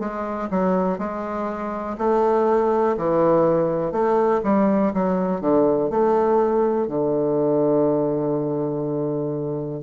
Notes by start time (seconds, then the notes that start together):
0.00 G#3
0.51 F#3
0.99 G#3
1.98 A3
2.97 E3
3.92 A3
4.44 G3
4.94 F#3
5.41 D3
5.91 A3
6.88 D3